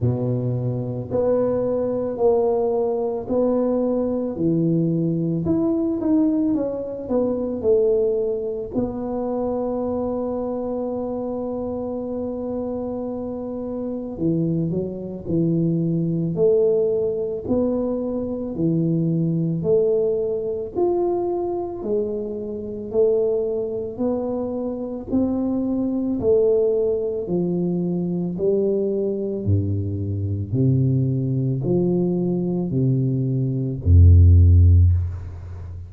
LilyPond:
\new Staff \with { instrumentName = "tuba" } { \time 4/4 \tempo 4 = 55 b,4 b4 ais4 b4 | e4 e'8 dis'8 cis'8 b8 a4 | b1~ | b4 e8 fis8 e4 a4 |
b4 e4 a4 f'4 | gis4 a4 b4 c'4 | a4 f4 g4 g,4 | c4 f4 c4 f,4 | }